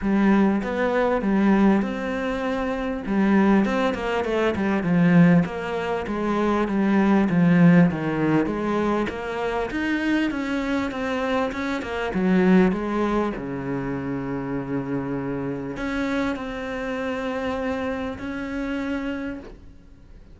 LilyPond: \new Staff \with { instrumentName = "cello" } { \time 4/4 \tempo 4 = 99 g4 b4 g4 c'4~ | c'4 g4 c'8 ais8 a8 g8 | f4 ais4 gis4 g4 | f4 dis4 gis4 ais4 |
dis'4 cis'4 c'4 cis'8 ais8 | fis4 gis4 cis2~ | cis2 cis'4 c'4~ | c'2 cis'2 | }